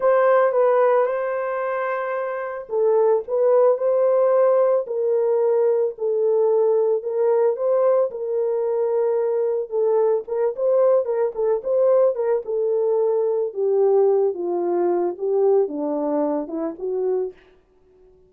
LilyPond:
\new Staff \with { instrumentName = "horn" } { \time 4/4 \tempo 4 = 111 c''4 b'4 c''2~ | c''4 a'4 b'4 c''4~ | c''4 ais'2 a'4~ | a'4 ais'4 c''4 ais'4~ |
ais'2 a'4 ais'8 c''8~ | c''8 ais'8 a'8 c''4 ais'8 a'4~ | a'4 g'4. f'4. | g'4 d'4. e'8 fis'4 | }